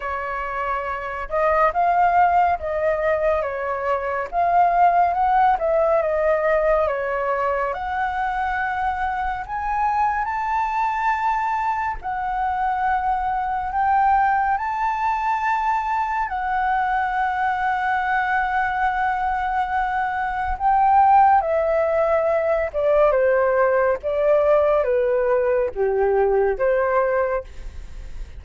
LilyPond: \new Staff \with { instrumentName = "flute" } { \time 4/4 \tempo 4 = 70 cis''4. dis''8 f''4 dis''4 | cis''4 f''4 fis''8 e''8 dis''4 | cis''4 fis''2 gis''4 | a''2 fis''2 |
g''4 a''2 fis''4~ | fis''1 | g''4 e''4. d''8 c''4 | d''4 b'4 g'4 c''4 | }